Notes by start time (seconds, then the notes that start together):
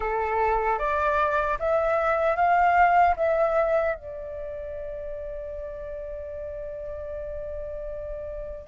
0.00 A4
0.79 D5
1.59 E5
2.35 F5
3.16 E5
3.95 D5